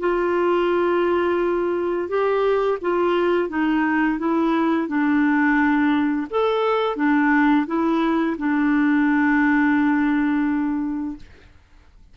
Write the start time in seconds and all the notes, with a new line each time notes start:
0.00 F4
2.09 G4
2.82 F4
3.49 D#4
4.19 E4
4.88 D4
6.31 A4
6.97 D4
7.67 E4
8.38 D4